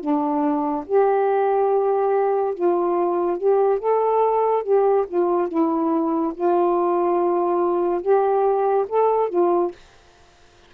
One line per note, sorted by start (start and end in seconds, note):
0.00 0.85 D4
0.86 2.54 G4
2.54 3.38 F4
3.38 3.79 G4
3.79 4.63 A4
4.63 5.05 G4
5.07 5.48 F4
5.48 6.33 E4
6.34 8.01 F4
8.01 8.85 G4
8.88 9.29 A4
9.29 9.71 F4